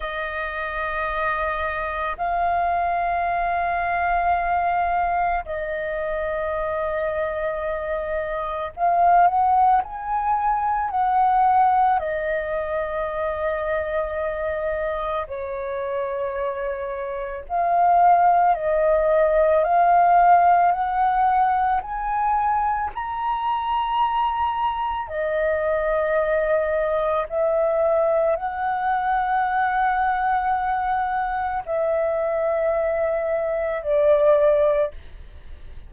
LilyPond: \new Staff \with { instrumentName = "flute" } { \time 4/4 \tempo 4 = 55 dis''2 f''2~ | f''4 dis''2. | f''8 fis''8 gis''4 fis''4 dis''4~ | dis''2 cis''2 |
f''4 dis''4 f''4 fis''4 | gis''4 ais''2 dis''4~ | dis''4 e''4 fis''2~ | fis''4 e''2 d''4 | }